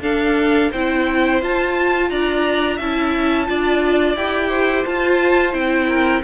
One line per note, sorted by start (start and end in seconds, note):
0.00 0.69 D4
0.00 0.72 D4
0.00 0.71 A4
0.00 0.71 F5
0.71 1.41 C4
0.71 1.42 E4
0.71 2.09 C5
0.71 1.41 G5
1.41 2.10 F4
1.41 2.80 F4
1.41 2.09 A5
2.09 2.79 D4
2.09 2.76 D5
2.09 2.78 A#5
2.76 3.48 C#4
2.76 3.46 E4
2.76 3.45 E5
2.76 4.16 A5
3.46 4.16 D4
3.46 4.15 F4
3.46 4.48 D5
4.16 4.84 E4
4.16 4.86 G4
4.16 4.85 G5
4.48 5.86 C5
4.85 5.54 F4
4.85 5.52 F4
4.85 5.53 A5
5.52 6.23 C4
5.52 6.21 E4
5.52 6.22 G5
5.87 6.22 A#4